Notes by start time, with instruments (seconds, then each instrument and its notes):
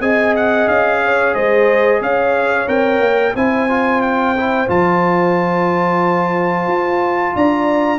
0.00 tuba C4, trombone G#4, horn D#5, trumpet G#5
0.36 trumpet F#5
0.67 tuba C#4, trumpet F5
1.04 horn C#5
1.34 tuba G#3, horn C5, trumpet D#5
2.01 tuba C#4, horn C#5, trumpet F5
2.67 tuba C4, trombone A#4, trumpet G5
3.00 tuba A#3
3.35 tuba C4, trombone E4, horn C5, trumpet G#5
3.69 trombone F4
4.02 trumpet G5
4.37 trombone E4
4.67 tuba F3, trombone F4, trumpet A5
6.67 tuba F4
7.35 tuba D4, horn D5, trumpet A#5